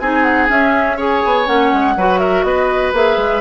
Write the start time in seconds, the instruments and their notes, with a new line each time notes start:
0.00 bassoon C4, clarinet D#4, oboe G#4, flute G#5
0.23 flute F#5
0.49 clarinet C#4, bassoon C#4, flute E5
0.97 clarinet G#4, oboe C#5, flute G#5
1.25 bassoon B3
1.46 bassoon A#3, clarinet C#4, flute F#5
1.73 bassoon G#3
1.96 bassoon F#3, clarinet F#4, oboe B4
2.19 oboe A#4, flute E5
2.43 bassoon B3, oboe B4, flute D#5
2.93 bassoon A#3, clarinet G#4, flute E5
3.17 bassoon G#3